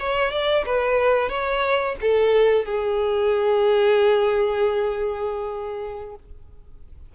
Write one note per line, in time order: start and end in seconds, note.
0.00 0.32 C#5
0.32 0.65 D5
0.66 1.29 B4
1.29 1.96 C#5
2.02 2.66 A4
2.66 6.16 G#4